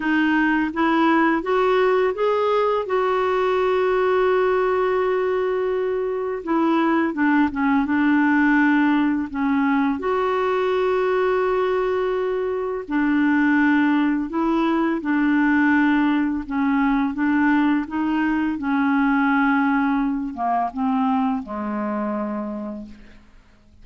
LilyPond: \new Staff \with { instrumentName = "clarinet" } { \time 4/4 \tempo 4 = 84 dis'4 e'4 fis'4 gis'4 | fis'1~ | fis'4 e'4 d'8 cis'8 d'4~ | d'4 cis'4 fis'2~ |
fis'2 d'2 | e'4 d'2 cis'4 | d'4 dis'4 cis'2~ | cis'8 ais8 c'4 gis2 | }